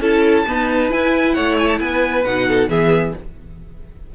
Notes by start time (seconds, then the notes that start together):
0.00 C#4 E4 A4 A5
0.47 B3 D#4 B4
0.89 E4 G#5
1.33 A3 C#5 F#5
1.59 G#5
1.68 A5
1.79 B3 B4 G#5
2.24 B2 D#4 F#5
2.49 A4
2.68 E3 B3 G#4 E5